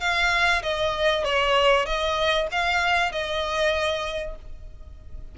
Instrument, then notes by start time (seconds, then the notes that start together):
violin
0.00 F5
0.62 D#5
1.24 C#5
1.85 D#5
2.51 F5
3.11 D#5